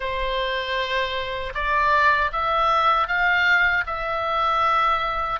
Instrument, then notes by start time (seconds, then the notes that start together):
oboe
0.00 C5
1.54 D5
2.32 E5
3.07 F5
3.86 E5